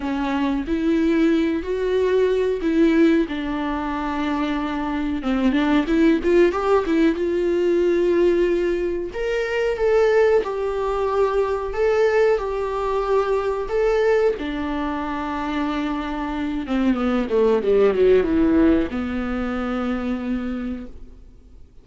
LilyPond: \new Staff \with { instrumentName = "viola" } { \time 4/4 \tempo 4 = 92 cis'4 e'4. fis'4. | e'4 d'2. | c'8 d'8 e'8 f'8 g'8 e'8 f'4~ | f'2 ais'4 a'4 |
g'2 a'4 g'4~ | g'4 a'4 d'2~ | d'4. c'8 b8 a8 g8 fis8 | e4 b2. | }